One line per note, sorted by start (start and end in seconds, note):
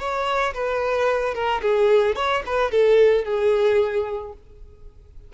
0.00 0.54 C#5
0.54 1.35 B4
1.35 1.62 A#4
1.63 2.16 G#4
2.16 2.43 C#5
2.46 2.72 B4
2.72 3.25 A4
3.25 4.33 G#4